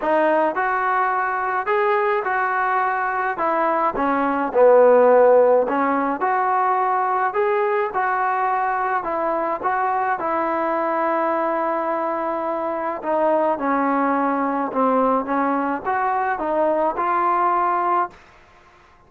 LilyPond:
\new Staff \with { instrumentName = "trombone" } { \time 4/4 \tempo 4 = 106 dis'4 fis'2 gis'4 | fis'2 e'4 cis'4 | b2 cis'4 fis'4~ | fis'4 gis'4 fis'2 |
e'4 fis'4 e'2~ | e'2. dis'4 | cis'2 c'4 cis'4 | fis'4 dis'4 f'2 | }